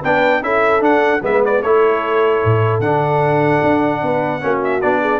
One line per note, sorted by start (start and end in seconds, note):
0.00 0.41 B3
0.00 0.42 D4
0.00 0.40 B4
0.00 0.43 G5
0.41 0.80 C#4
0.41 0.80 E4
0.41 1.23 A4
0.41 0.83 E5
0.80 1.20 D4
0.80 1.23 F#5
1.22 1.62 G#3
1.22 1.62 B3
1.22 1.63 B4
1.22 1.44 E5
1.45 1.62 D5
1.62 2.42 A3
1.62 2.82 E4
1.62 4.02 A4
1.62 2.80 C#5
2.44 2.79 A2
2.79 3.59 D3
2.79 4.40 D4
2.79 4.60 F#5
3.63 4.02 D4
4.02 4.42 B3
4.02 4.42 B4
4.40 4.83 A#3
4.40 4.80 C#4
4.40 5.01 F#4
4.63 4.81 E5
4.81 5.20 B3
4.81 5.20 D4
4.81 5.20 D5
5.01 5.20 G#4